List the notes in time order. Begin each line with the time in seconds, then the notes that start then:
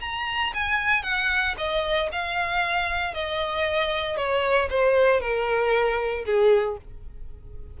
0.00 A#5
0.54 G#5
1.02 F#5
1.57 D#5
2.12 F5
3.14 D#5
4.16 C#5
4.70 C5
5.20 A#4
6.25 G#4